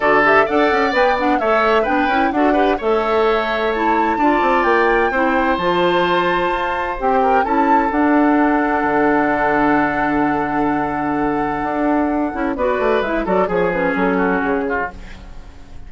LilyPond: <<
  \new Staff \with { instrumentName = "flute" } { \time 4/4 \tempo 4 = 129 d''8 e''8 fis''4 g''8 fis''8 e''4 | g''4 fis''4 e''2 | a''2 g''2 | a''2. g''4 |
a''4 fis''2.~ | fis''1~ | fis''2. d''4 | e''8 d''8 cis''8 b'8 a'4 gis'4 | }
  \new Staff \with { instrumentName = "oboe" } { \time 4/4 a'4 d''2 cis''4 | b'4 a'8 b'8 cis''2~ | cis''4 d''2 c''4~ | c''2.~ c''8 ais'8 |
a'1~ | a'1~ | a'2. b'4~ | b'8 a'8 gis'4. fis'4 f'8 | }
  \new Staff \with { instrumentName = "clarinet" } { \time 4/4 fis'8 g'8 a'4 b'8 d'8 a'4 | d'8 e'8 fis'8 g'8 a'2 | e'4 f'2 e'4 | f'2. g'4 |
e'4 d'2.~ | d'1~ | d'2~ d'8 e'8 fis'4 | e'8 fis'8 gis'8 cis'2~ cis'8 | }
  \new Staff \with { instrumentName = "bassoon" } { \time 4/4 d4 d'8 cis'8 b4 a4 | b8 cis'8 d'4 a2~ | a4 d'8 c'8 ais4 c'4 | f2 f'4 c'4 |
cis'4 d'2 d4~ | d1~ | d4 d'4. cis'8 b8 a8 | gis8 fis8 f4 fis4 cis4 | }
>>